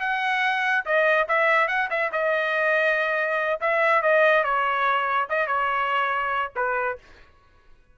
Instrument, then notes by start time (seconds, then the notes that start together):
trumpet
0.00 F#5
0.85 D#5
1.28 E5
1.68 F#5
1.90 E5
2.12 D#5
3.60 E5
4.02 D#5
4.43 C#5
5.29 D#5
5.47 C#5
6.56 B4